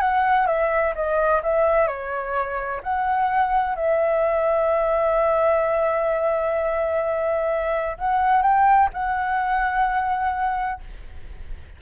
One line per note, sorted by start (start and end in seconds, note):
0.00 0.47 F#5
0.47 0.94 E5
0.95 1.42 D#5
1.43 1.87 E5
1.87 2.81 C#5
2.83 3.75 F#5
3.75 7.97 E5
7.98 8.42 F#5
8.42 8.89 G5
8.93 10.80 F#5